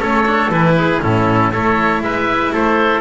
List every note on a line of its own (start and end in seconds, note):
0.00 0.50 A3
0.00 0.25 C#4
0.00 0.76 A4
0.00 0.52 C#5
0.26 0.52 D4
0.50 1.00 E3
0.50 1.02 E4
0.50 1.02 B4
0.78 1.04 G#4
1.02 1.53 A2
1.02 1.52 C#4
1.02 1.52 E4
1.02 1.53 A4
1.52 2.01 A3
1.52 3.01 E4
1.52 2.02 A4
1.52 2.03 C#5
2.01 2.52 G#3
2.01 2.53 B4
2.01 2.53 E5
2.53 3.01 A3
2.53 3.01 A4
2.53 3.01 C5